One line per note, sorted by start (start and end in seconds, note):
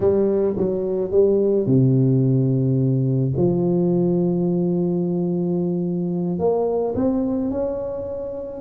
0.00 0.55 G3
0.57 1.11 F#3
1.11 1.66 G3
1.66 3.33 C3
3.36 6.38 F3
6.38 6.94 A#3
6.95 7.50 C4
7.51 8.61 C#4